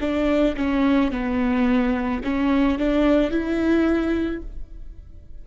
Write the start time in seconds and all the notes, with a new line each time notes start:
0.00 D4
0.56 C#4
1.11 B3
2.24 C#4
2.78 D4
3.31 E4